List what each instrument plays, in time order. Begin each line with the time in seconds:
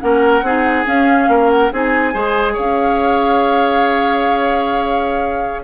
0.00 bassoon A#3, clarinet C#4, oboe A#4, flute F#5
0.42 bassoon C4, clarinet D#4, oboe G#4
0.85 clarinet C#4, bassoon C#4, flute F5
1.28 bassoon A#3, oboe A#4
1.50 flute F#5
1.72 bassoon C4, clarinet D#4, oboe G#4, flute G#5
2.13 bassoon G#3, clarinet G#4, oboe C5
2.53 bassoon C#4, oboe C#5, flute F5